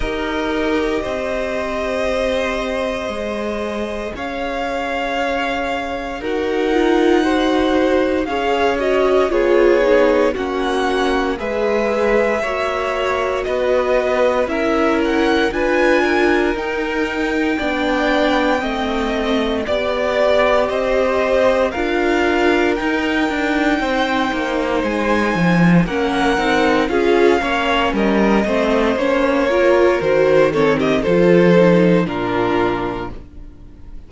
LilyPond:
<<
  \new Staff \with { instrumentName = "violin" } { \time 4/4 \tempo 4 = 58 dis''1 | f''2 fis''2 | f''8 dis''8 cis''4 fis''4 e''4~ | e''4 dis''4 e''8 fis''8 gis''4 |
g''2. d''4 | dis''4 f''4 g''2 | gis''4 fis''4 f''4 dis''4 | cis''4 c''8 cis''16 dis''16 c''4 ais'4 | }
  \new Staff \with { instrumentName = "violin" } { \time 4/4 ais'4 c''2. | cis''2 ais'4 c''4 | cis''4 gis'4 fis'4 b'4 | cis''4 b'4 ais'4 b'8 ais'8~ |
ais'4 d''4 dis''4 d''4 | c''4 ais'2 c''4~ | c''4 ais'4 gis'8 cis''8 ais'8 c''8~ | c''8 ais'4 a'16 g'16 a'4 f'4 | }
  \new Staff \with { instrumentName = "viola" } { \time 4/4 g'2. gis'4~ | gis'2 fis'8 f'8 fis'4 | gis'8 fis'8 f'8 dis'8 cis'4 gis'4 | fis'2 e'4 f'4 |
dis'4 d'4 c'4 g'4~ | g'4 f'4 dis'2~ | dis'4 cis'8 dis'8 f'8 cis'4 c'8 | cis'8 f'8 fis'8 c'8 f'8 dis'8 d'4 | }
  \new Staff \with { instrumentName = "cello" } { \time 4/4 dis'4 c'2 gis4 | cis'2 dis'2 | cis'4 b4 ais4 gis4 | ais4 b4 cis'4 d'4 |
dis'4 b4 a4 b4 | c'4 d'4 dis'8 d'8 c'8 ais8 | gis8 f8 ais8 c'8 cis'8 ais8 g8 a8 | ais4 dis4 f4 ais,4 | }
>>